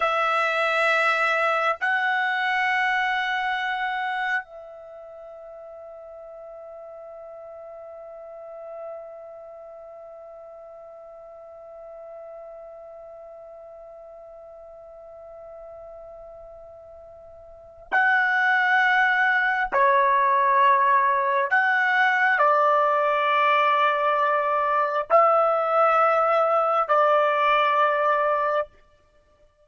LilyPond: \new Staff \with { instrumentName = "trumpet" } { \time 4/4 \tempo 4 = 67 e''2 fis''2~ | fis''4 e''2.~ | e''1~ | e''1~ |
e''1 | fis''2 cis''2 | fis''4 d''2. | e''2 d''2 | }